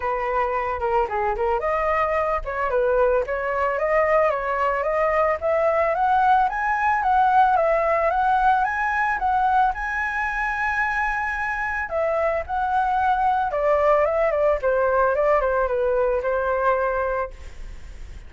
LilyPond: \new Staff \with { instrumentName = "flute" } { \time 4/4 \tempo 4 = 111 b'4. ais'8 gis'8 ais'8 dis''4~ | dis''8 cis''8 b'4 cis''4 dis''4 | cis''4 dis''4 e''4 fis''4 | gis''4 fis''4 e''4 fis''4 |
gis''4 fis''4 gis''2~ | gis''2 e''4 fis''4~ | fis''4 d''4 e''8 d''8 c''4 | d''8 c''8 b'4 c''2 | }